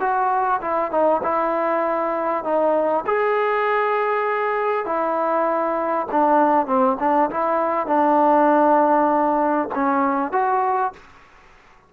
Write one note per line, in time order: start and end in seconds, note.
0.00 0.61 F#4
0.61 0.91 E4
0.91 1.21 D#4
1.23 2.44 E4
2.44 3.05 D#4
3.07 4.86 G#4
4.86 6.07 E4
6.12 6.67 D4
6.67 6.97 C4
7.00 7.30 D4
7.31 7.87 E4
7.87 9.69 D4
9.75 10.33 C#4
10.33 10.93 F#4